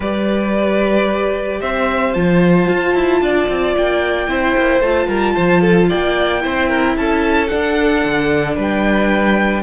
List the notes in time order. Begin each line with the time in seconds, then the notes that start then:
0.00 G3 G4 B4 D5
1.60 C4 C5 E5
2.13 F3 F4 A5
2.68 F4
2.94 E4
3.21 D4 D5
3.48 C4
3.76 A#3 G5
4.28 C4 E4 C5
4.56 A#3
4.80 A3 F4 A5
5.07 G3 A#4
5.34 F3 C5
5.61 A4
5.89 A#3 D5 G5
6.41 C4 E4 C5
6.68 A#4
6.96 C#4 A4 A5
7.47 D4 F#5
8.04 D3
8.55 G3 B4 G5